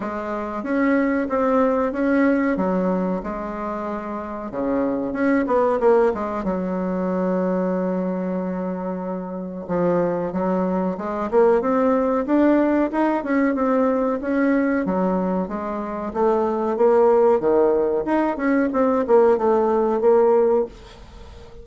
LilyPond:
\new Staff \with { instrumentName = "bassoon" } { \time 4/4 \tempo 4 = 93 gis4 cis'4 c'4 cis'4 | fis4 gis2 cis4 | cis'8 b8 ais8 gis8 fis2~ | fis2. f4 |
fis4 gis8 ais8 c'4 d'4 | dis'8 cis'8 c'4 cis'4 fis4 | gis4 a4 ais4 dis4 | dis'8 cis'8 c'8 ais8 a4 ais4 | }